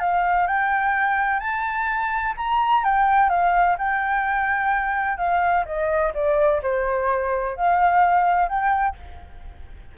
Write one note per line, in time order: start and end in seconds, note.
0.00 0.47 F5
0.47 1.40 G5
1.40 2.34 A5
2.37 2.85 A#5
2.85 3.30 G5
3.30 3.77 F5
3.79 5.18 G5
5.18 5.65 F5
5.66 6.13 D#5
6.15 6.62 D5
6.63 7.57 C5
7.57 8.49 F5
8.49 8.96 G5